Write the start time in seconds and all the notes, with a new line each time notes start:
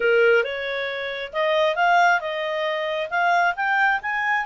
0.00 A#4
0.43 C#5
1.32 D#5
1.75 F5
2.20 D#5
3.10 F5
3.56 G5
4.02 G#5